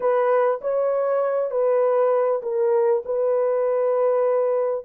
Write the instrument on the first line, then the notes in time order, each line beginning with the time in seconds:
horn
0.00 B4
0.61 C#5
1.50 B4
2.42 A#4
3.05 B4